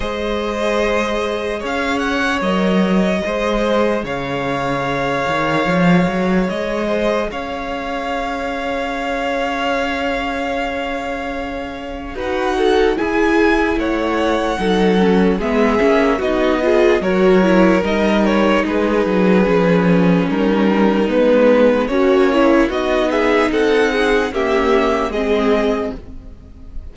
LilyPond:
<<
  \new Staff \with { instrumentName = "violin" } { \time 4/4 \tempo 4 = 74 dis''2 f''8 fis''8 dis''4~ | dis''4 f''2. | dis''4 f''2.~ | f''2. fis''4 |
gis''4 fis''2 e''4 | dis''4 cis''4 dis''8 cis''8 b'4~ | b'4 ais'4 b'4 cis''4 | dis''8 e''8 fis''4 e''4 dis''4 | }
  \new Staff \with { instrumentName = "violin" } { \time 4/4 c''2 cis''2 | c''4 cis''2.~ | cis''8 c''8 cis''2.~ | cis''2. b'8 a'8 |
gis'4 cis''4 a'4 gis'4 | fis'8 gis'8 ais'2 gis'4~ | gis'4 dis'2 cis'4 | fis'8 gis'8 a'8 gis'8 g'4 gis'4 | }
  \new Staff \with { instrumentName = "viola" } { \time 4/4 gis'2. ais'4 | gis'1~ | gis'1~ | gis'2. fis'4 |
e'2 dis'8 cis'8 b8 cis'8 | dis'8 f'8 fis'8 e'8 dis'2 | cis'2 b4 fis'8 e'8 | dis'2 ais4 c'4 | }
  \new Staff \with { instrumentName = "cello" } { \time 4/4 gis2 cis'4 fis4 | gis4 cis4. dis8 f8 fis8 | gis4 cis'2.~ | cis'2. dis'4 |
e'4 a4 fis4 gis8 ais8 | b4 fis4 g4 gis8 fis8 | f4 g4 gis4 ais4 | b4 c'4 cis'4 gis4 | }
>>